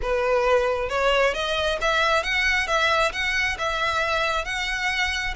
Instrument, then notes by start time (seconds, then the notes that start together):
violin
0.02 B4
0.89 C#5
1.34 D#5
1.81 E5
2.23 F#5
2.67 E5
3.12 F#5
3.58 E5
4.45 F#5